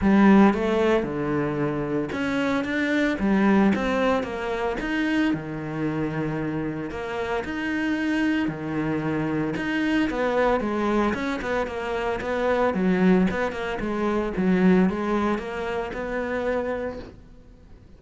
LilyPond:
\new Staff \with { instrumentName = "cello" } { \time 4/4 \tempo 4 = 113 g4 a4 d2 | cis'4 d'4 g4 c'4 | ais4 dis'4 dis2~ | dis4 ais4 dis'2 |
dis2 dis'4 b4 | gis4 cis'8 b8 ais4 b4 | fis4 b8 ais8 gis4 fis4 | gis4 ais4 b2 | }